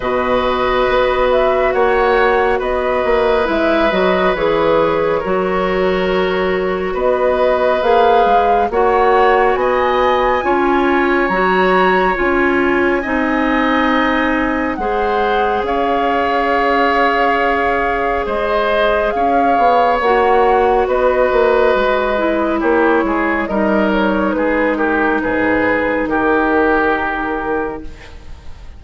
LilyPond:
<<
  \new Staff \with { instrumentName = "flute" } { \time 4/4 \tempo 4 = 69 dis''4. e''8 fis''4 dis''4 | e''8 dis''8 cis''2. | dis''4 f''4 fis''4 gis''4~ | gis''4 ais''4 gis''2~ |
gis''4 fis''4 f''2~ | f''4 dis''4 f''4 fis''4 | dis''2 cis''4 dis''8 cis''8 | b'8 ais'8 b'4 ais'2 | }
  \new Staff \with { instrumentName = "oboe" } { \time 4/4 b'2 cis''4 b'4~ | b'2 ais'2 | b'2 cis''4 dis''4 | cis''2. dis''4~ |
dis''4 c''4 cis''2~ | cis''4 c''4 cis''2 | b'2 g'8 gis'8 ais'4 | gis'8 g'8 gis'4 g'2 | }
  \new Staff \with { instrumentName = "clarinet" } { \time 4/4 fis'1 | e'8 fis'8 gis'4 fis'2~ | fis'4 gis'4 fis'2 | f'4 fis'4 f'4 dis'4~ |
dis'4 gis'2.~ | gis'2. fis'4~ | fis'4. e'4. dis'4~ | dis'1 | }
  \new Staff \with { instrumentName = "bassoon" } { \time 4/4 b,4 b4 ais4 b8 ais8 | gis8 fis8 e4 fis2 | b4 ais8 gis8 ais4 b4 | cis'4 fis4 cis'4 c'4~ |
c'4 gis4 cis'2~ | cis'4 gis4 cis'8 b8 ais4 | b8 ais8 gis4 ais8 gis8 g4 | gis4 gis,4 dis2 | }
>>